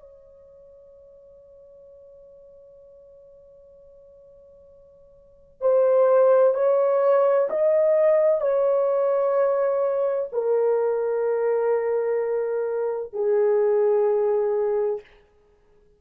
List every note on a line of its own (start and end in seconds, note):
0.00 5.61 C#5
5.61 6.55 C5
6.55 7.48 C#5
7.50 8.41 D#5
8.41 10.29 C#5
10.33 13.13 A#4
13.13 15.01 G#4